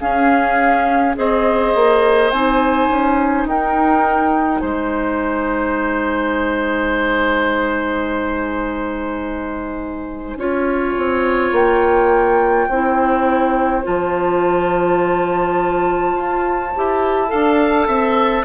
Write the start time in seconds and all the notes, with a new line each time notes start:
0.00 C#4 G#4 F5
1.16 C4 G#4 C5 D#5
1.75 A#3
2.31 C4 D#4 G#5
2.89 C#4
3.46 D#4 A#4 G5
4.60 G#3 C5 G#5
10.36 C#4 F4 C#5
10.98 C4
11.52 A#3 G5
12.69 C4 E4 C5
13.83 F3 F4 A5
16.15 F4
16.76 E4 G4
17.28 D4 A4 F5
17.88 C4 E5